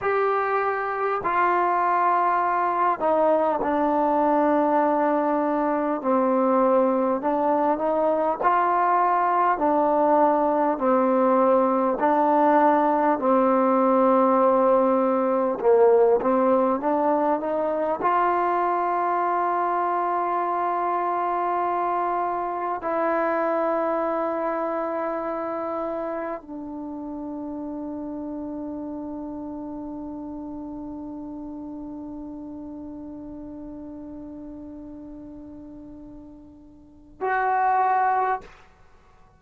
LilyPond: \new Staff \with { instrumentName = "trombone" } { \time 4/4 \tempo 4 = 50 g'4 f'4. dis'8 d'4~ | d'4 c'4 d'8 dis'8 f'4 | d'4 c'4 d'4 c'4~ | c'4 ais8 c'8 d'8 dis'8 f'4~ |
f'2. e'4~ | e'2 d'2~ | d'1~ | d'2. fis'4 | }